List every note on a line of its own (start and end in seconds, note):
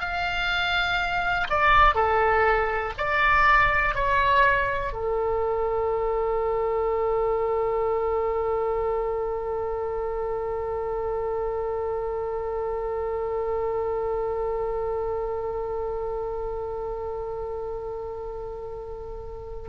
0.00 1.48 F5
1.50 1.94 D5
1.94 2.93 A4
2.98 3.95 D5
3.95 4.93 C#5
4.93 19.69 A4